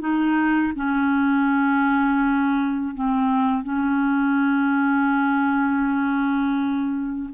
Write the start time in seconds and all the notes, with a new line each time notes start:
0.00 D#4
0.75 C#4
2.95 C4
3.64 C#4